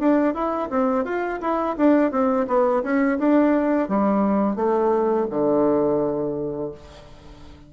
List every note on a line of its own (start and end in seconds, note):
0.00 0.34 D4
0.34 0.70 E4
0.70 1.05 C4
1.05 1.40 F4
1.41 1.76 E4
1.77 2.12 D4
2.12 2.47 C4
2.48 2.83 B3
2.83 3.19 C#4
3.19 3.89 D4
3.89 4.56 G3
4.56 5.27 A3
5.31 6.72 D3